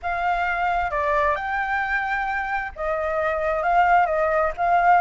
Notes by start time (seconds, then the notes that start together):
0.02 F5
0.90 D5
1.35 G5
2.75 D#5
3.62 F5
4.06 D#5
4.57 F5